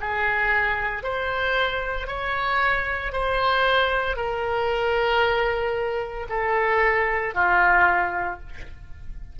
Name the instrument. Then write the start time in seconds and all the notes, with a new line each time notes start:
oboe
0.00 G#4
1.03 C5
2.07 C#5
3.12 C5
4.16 A#4
6.29 A4
7.34 F4